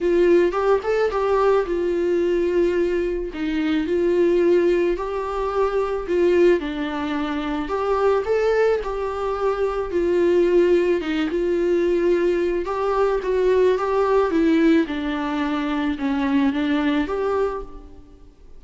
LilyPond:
\new Staff \with { instrumentName = "viola" } { \time 4/4 \tempo 4 = 109 f'4 g'8 a'8 g'4 f'4~ | f'2 dis'4 f'4~ | f'4 g'2 f'4 | d'2 g'4 a'4 |
g'2 f'2 | dis'8 f'2~ f'8 g'4 | fis'4 g'4 e'4 d'4~ | d'4 cis'4 d'4 g'4 | }